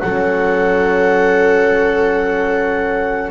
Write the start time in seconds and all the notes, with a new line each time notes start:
0.00 F#3 C#4 A4 F#5